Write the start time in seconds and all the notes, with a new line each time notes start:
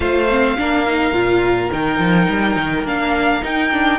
0.00 A3 F4 C5 F5
0.29 C4
0.57 A#3 D4 A#4
0.86 D#4
1.12 A#2 F4
1.72 D#3 D#4 G5
1.98 F3
2.28 G3
2.56 D#3
2.83 A#3 D4 F5
3.41 D#4 G5
3.71 D4